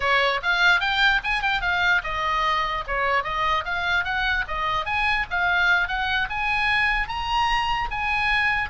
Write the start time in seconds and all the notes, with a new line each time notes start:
0.00 C#5
0.42 F5
0.80 G5
1.23 G#5
1.42 G5
1.61 F5
2.03 D#5
2.87 C#5
3.23 D#5
3.64 F5
4.04 F#5
4.47 D#5
4.85 G#5
5.30 F5
5.88 F#5
6.29 G#5
7.07 A#5
7.90 G#5